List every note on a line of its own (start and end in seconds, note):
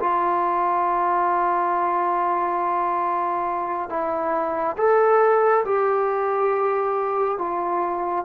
0.00 3.89 F4
3.89 4.76 E4
4.77 5.64 A4
5.65 7.38 G4
7.38 8.25 F4